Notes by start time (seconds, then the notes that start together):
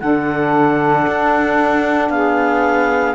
0.00 D3 D4 A4 F#5
1.08 D4
2.10 B3 G#4 F5